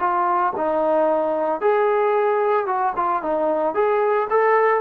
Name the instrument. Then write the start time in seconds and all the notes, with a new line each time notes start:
trombone
0.00 F4
0.57 D#4
1.61 G#4
2.67 F#4
2.96 F4
3.23 D#4
3.75 G#4
4.30 A4